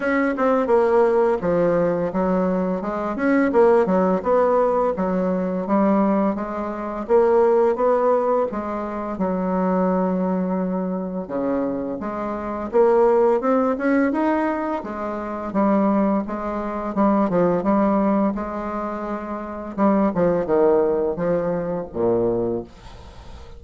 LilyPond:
\new Staff \with { instrumentName = "bassoon" } { \time 4/4 \tempo 4 = 85 cis'8 c'8 ais4 f4 fis4 | gis8 cis'8 ais8 fis8 b4 fis4 | g4 gis4 ais4 b4 | gis4 fis2. |
cis4 gis4 ais4 c'8 cis'8 | dis'4 gis4 g4 gis4 | g8 f8 g4 gis2 | g8 f8 dis4 f4 ais,4 | }